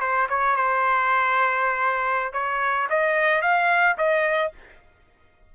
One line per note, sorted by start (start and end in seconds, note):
0.00 0.27 C5
0.29 0.56 C#5
0.56 2.33 C5
2.33 2.87 C#5
2.89 3.41 D#5
3.41 3.96 F5
3.97 4.52 D#5